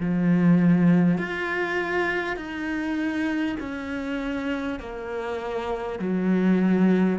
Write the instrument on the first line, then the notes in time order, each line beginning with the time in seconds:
cello
0.00 F3
1.18 F4
2.36 D#4
3.59 C#4
4.79 A#3
5.99 F#3